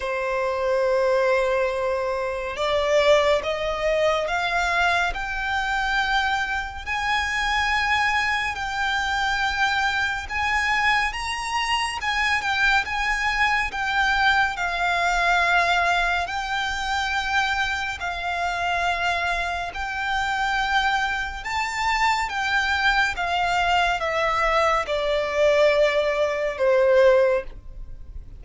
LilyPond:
\new Staff \with { instrumentName = "violin" } { \time 4/4 \tempo 4 = 70 c''2. d''4 | dis''4 f''4 g''2 | gis''2 g''2 | gis''4 ais''4 gis''8 g''8 gis''4 |
g''4 f''2 g''4~ | g''4 f''2 g''4~ | g''4 a''4 g''4 f''4 | e''4 d''2 c''4 | }